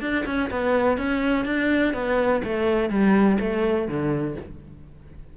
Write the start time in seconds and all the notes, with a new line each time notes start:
0.00 D4
0.25 C#4
0.50 B3
0.97 C#4
1.45 D4
1.93 B3
2.44 A3
2.89 G3
3.40 A3
3.88 D3